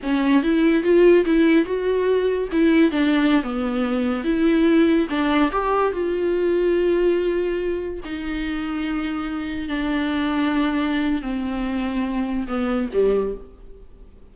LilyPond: \new Staff \with { instrumentName = "viola" } { \time 4/4 \tempo 4 = 144 cis'4 e'4 f'4 e'4 | fis'2 e'4 d'4~ | d'16 b2 e'4.~ e'16~ | e'16 d'4 g'4 f'4.~ f'16~ |
f'2.~ f'16 dis'8.~ | dis'2.~ dis'16 d'8.~ | d'2. c'4~ | c'2 b4 g4 | }